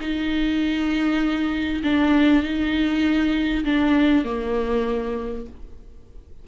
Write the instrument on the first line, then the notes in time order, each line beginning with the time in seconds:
viola
0.00 D#4
1.83 D4
2.43 D#4
3.64 D4
4.24 A#3